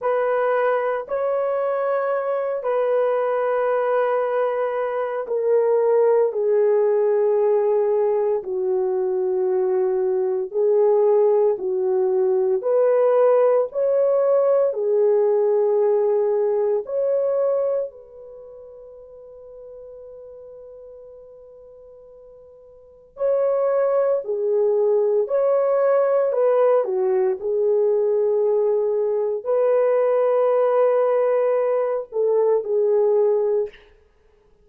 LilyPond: \new Staff \with { instrumentName = "horn" } { \time 4/4 \tempo 4 = 57 b'4 cis''4. b'4.~ | b'4 ais'4 gis'2 | fis'2 gis'4 fis'4 | b'4 cis''4 gis'2 |
cis''4 b'2.~ | b'2 cis''4 gis'4 | cis''4 b'8 fis'8 gis'2 | b'2~ b'8 a'8 gis'4 | }